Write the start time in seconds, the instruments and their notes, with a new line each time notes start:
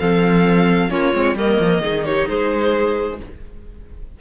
0.00 cello F3, viola C4, clarinet A4, violin F5
0.90 cello A#3, viola C#4, clarinet F4, violin C#5
1.14 cello G#3, viola C4
1.36 cello G3, viola A#3, clarinet A#4, violin D#5
1.60 cello F3
1.79 cello D#3, viola D#4, clarinet G#4
2.06 clarinet G4, violin C#5
2.28 cello G#3, clarinet G#4, violin C5